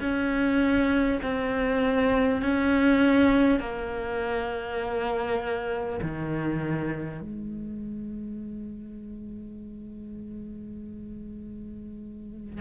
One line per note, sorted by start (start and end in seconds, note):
0.00 1.20 C#4
1.22 2.41 C4
2.41 3.59 C#4
3.59 5.99 A#3
6.02 7.21 D#3
7.21 12.61 G#3